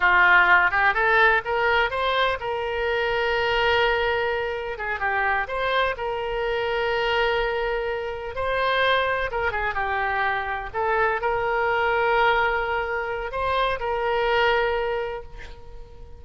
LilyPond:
\new Staff \with { instrumentName = "oboe" } { \time 4/4 \tempo 4 = 126 f'4. g'8 a'4 ais'4 | c''4 ais'2.~ | ais'2 gis'8 g'4 c''8~ | c''8 ais'2.~ ais'8~ |
ais'4. c''2 ais'8 | gis'8 g'2 a'4 ais'8~ | ais'1 | c''4 ais'2. | }